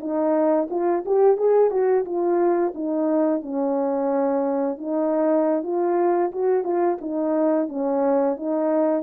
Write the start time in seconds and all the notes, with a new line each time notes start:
0.00 D#4
0.70 F4
1.05 G4
1.37 G#4
1.70 F#4
2.05 F4
2.74 D#4
3.42 C#4
4.78 D#4
5.63 F4
6.32 F#4
6.64 F4
7.01 D#4
7.68 C#4
8.36 D#4